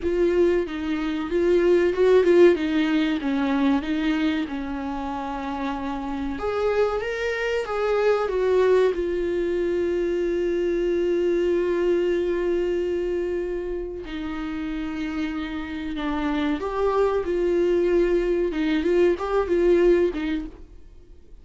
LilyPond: \new Staff \with { instrumentName = "viola" } { \time 4/4 \tempo 4 = 94 f'4 dis'4 f'4 fis'8 f'8 | dis'4 cis'4 dis'4 cis'4~ | cis'2 gis'4 ais'4 | gis'4 fis'4 f'2~ |
f'1~ | f'2 dis'2~ | dis'4 d'4 g'4 f'4~ | f'4 dis'8 f'8 g'8 f'4 dis'8 | }